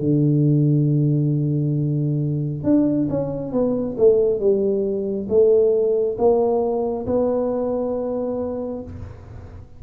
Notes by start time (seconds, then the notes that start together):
0.00 D3
2.64 D4
3.10 C#4
3.53 B3
3.98 A3
4.40 G3
5.29 A3
6.18 A#3
7.07 B3